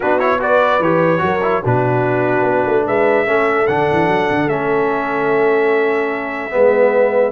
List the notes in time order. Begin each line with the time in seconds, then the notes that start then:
0.00 B3 D4 F#4 B4
0.19 E4 C#5
0.39 F#4 B4 D5
0.79 E3 G4 C#5
1.18 F#3 F#4
1.24 A#4
1.42 E4
1.61 B2 D4 F#4 B4
2.42 B3
2.66 A3
2.86 G#3 B4 E5
3.25 A3 C#4 A4
3.67 D3 D4 F#5
3.91 E3
4.07 F#3
4.30 D3
4.47 A3 C#4 E5
6.50 G#3 B3 B4